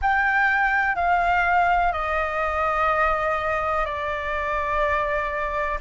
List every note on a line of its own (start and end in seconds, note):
0.01 0.95 G5
0.95 1.92 F5
1.92 3.85 D#5
3.85 5.78 D5